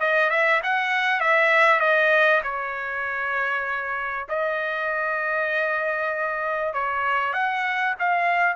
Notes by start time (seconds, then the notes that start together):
0.00 D#5
0.30 E5
0.63 F#5
1.21 E5
1.80 D#5
2.44 C#5
4.29 D#5
6.74 C#5
7.33 F#5
7.99 F5